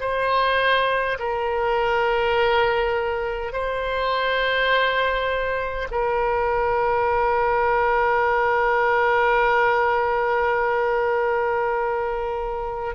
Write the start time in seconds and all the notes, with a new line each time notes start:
0.00 C5
1.19 A#4
3.52 C5
5.91 A#4